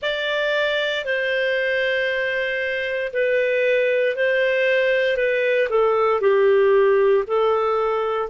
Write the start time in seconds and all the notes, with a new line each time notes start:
0.01 D5
1.05 C5
3.12 B4
4.16 C5
5.16 B4
5.69 A4
6.21 G4
7.27 A4